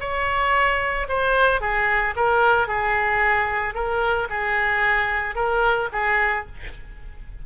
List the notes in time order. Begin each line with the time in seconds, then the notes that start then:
0.00 C#5
1.08 C5
1.61 G#4
2.16 A#4
2.68 G#4
3.75 A#4
4.29 G#4
5.35 A#4
5.92 G#4